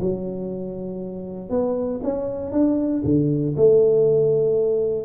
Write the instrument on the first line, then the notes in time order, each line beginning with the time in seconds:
tuba
0.00 F#3
1.50 B3
2.03 C#4
2.51 D4
3.04 D3
3.56 A3